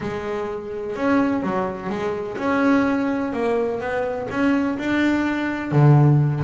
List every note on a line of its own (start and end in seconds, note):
0.00 0.95 G#3
0.95 1.42 C#4
1.42 1.89 F#3
1.89 2.37 G#3
2.37 3.32 C#4
3.32 3.80 A#3
3.80 4.28 B3
4.30 4.77 C#4
4.78 5.71 D4
5.71 6.43 D3